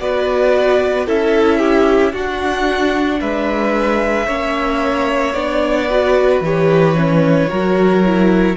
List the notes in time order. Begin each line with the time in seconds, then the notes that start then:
0.00 B3 F#4 B4 D5
1.06 C#4 E4 A4 E5
1.59 G4
2.13 D4 F#4 F#5
3.20 G#3 B4 E5
4.26 A#3 C#4 C#5
5.33 B3 D4 D5
5.90 F#4 B4
6.41 E3 G4 C#5
6.95 C#4
7.48 F#3 F#4 A#4
8.05 E4